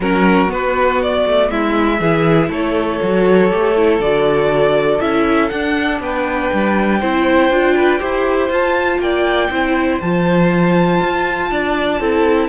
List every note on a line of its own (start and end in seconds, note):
0.00 0.49 F#3
0.00 0.47 C#4
0.00 1.50 F#4
0.00 0.51 A#4
0.47 1.97 B3
0.47 1.24 B3
0.47 1.01 B4
1.02 1.50 D5
1.27 1.50 A3
1.50 2.00 G#3
1.50 1.99 E4
1.50 2.50 E5
1.99 2.49 E3
1.99 3.00 E4
1.99 2.49 G#4
2.49 2.99 A3
2.49 5.99 A4
2.49 4.01 C#5
3.00 3.52 F#3
3.00 3.50 F#4
3.50 3.99 A3
3.50 3.75 G4
3.75 4.00 E4
3.99 4.99 D3
3.99 5.00 F#4
3.99 5.00 D5
5.00 5.50 C#4
5.00 5.50 E4
5.00 5.49 E5
5.49 7.00 D4
5.49 6.00 D4
5.49 5.99 F#5
6.00 6.50 B3
6.00 6.99 B4
6.00 8.52 G5
6.53 7.02 G3
6.99 7.49 C4
6.99 7.51 E4
6.99 7.74 C5
7.49 7.99 D4
7.49 7.99 F4
7.75 7.99 B4
7.99 8.49 E4
7.99 8.49 G4
7.99 8.99 C5
8.49 8.99 F4
8.49 9.50 F4
8.49 9.00 A5
8.99 9.49 A#3
8.99 9.50 D5
8.99 10.00 G5
9.50 10.00 C4
9.50 10.01 E4
9.50 11.50 C5
10.00 11.00 F3
10.00 12.01 F4
10.00 12.48 A5
11.00 11.50 F4
11.50 11.99 D4
11.50 11.99 D5
11.99 12.48 C4
11.99 12.48 E4
11.99 12.48 A4